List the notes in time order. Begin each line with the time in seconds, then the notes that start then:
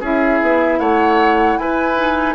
0.00 C#4 E4 G#4 E5
0.41 B3
0.79 A3 C#5 F#5
1.56 E4 B4 G#5
1.96 D#4